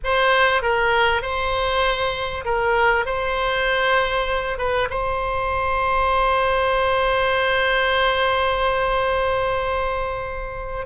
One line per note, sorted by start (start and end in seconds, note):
0.04 0.62 C5
0.62 1.22 A#4
1.22 2.44 C5
2.44 3.05 A#4
3.05 4.58 C5
4.58 4.88 B4
4.90 10.86 C5